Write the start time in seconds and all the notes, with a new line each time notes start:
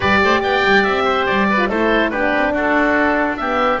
0.00 G3 G4 B4 D5
0.23 A3 C5
0.40 B3 D5 G5
0.64 G3
0.83 C4 E5
1.04 C5
1.26 G3 D5
1.50 B4
1.57 F4
1.68 A3 E4 A4 C5
2.09 B3 D4 G4 B4
2.33 C4
2.51 D4 F#4 A4
3.36 B3 G4 E5